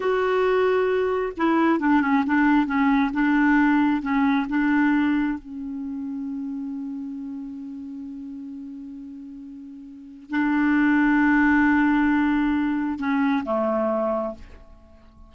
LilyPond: \new Staff \with { instrumentName = "clarinet" } { \time 4/4 \tempo 4 = 134 fis'2. e'4 | d'8 cis'8 d'4 cis'4 d'4~ | d'4 cis'4 d'2 | cis'1~ |
cis'1~ | cis'2. d'4~ | d'1~ | d'4 cis'4 a2 | }